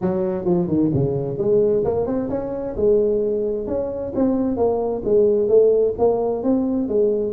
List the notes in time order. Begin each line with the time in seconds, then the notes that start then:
0.01 F#3
0.45 F3
0.67 D#3
0.93 C#3
1.38 G#3
1.84 A#3
2.06 C4
2.29 C#4
2.76 G#3
3.67 C#4
4.15 C4
4.56 A#3
5.04 G#3
5.48 A3
5.98 A#3
6.43 C4
6.88 G#3